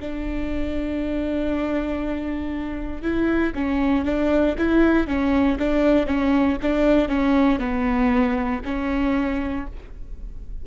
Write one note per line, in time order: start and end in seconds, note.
0.00 3.02 D4
3.02 3.53 E4
3.55 4.05 C#4
4.05 4.56 D4
4.58 5.07 E4
5.07 5.58 C#4
5.59 6.06 D4
6.06 6.57 C#4
6.62 7.08 D4
7.08 7.59 C#4
7.59 8.61 B3
8.65 9.67 C#4